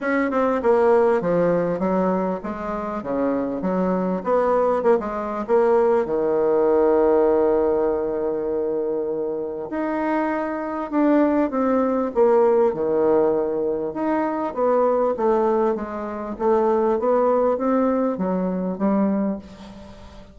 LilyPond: \new Staff \with { instrumentName = "bassoon" } { \time 4/4 \tempo 4 = 99 cis'8 c'8 ais4 f4 fis4 | gis4 cis4 fis4 b4 | ais16 gis8. ais4 dis2~ | dis1 |
dis'2 d'4 c'4 | ais4 dis2 dis'4 | b4 a4 gis4 a4 | b4 c'4 fis4 g4 | }